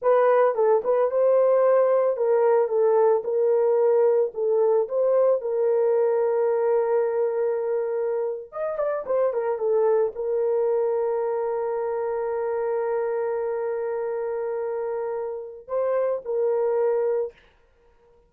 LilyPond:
\new Staff \with { instrumentName = "horn" } { \time 4/4 \tempo 4 = 111 b'4 a'8 b'8 c''2 | ais'4 a'4 ais'2 | a'4 c''4 ais'2~ | ais'2.~ ais'8. dis''16~ |
dis''16 d''8 c''8 ais'8 a'4 ais'4~ ais'16~ | ais'1~ | ais'1~ | ais'4 c''4 ais'2 | }